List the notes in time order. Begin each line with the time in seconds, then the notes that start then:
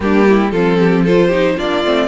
0.00 G3 A#3 D4 G4
0.28 E4
0.51 F3 C4 F4 A4
0.79 G4
1.04 F4 A4 C5
1.28 D#4 G4
1.57 A#3 D4 F4 D5
1.84 A3 C4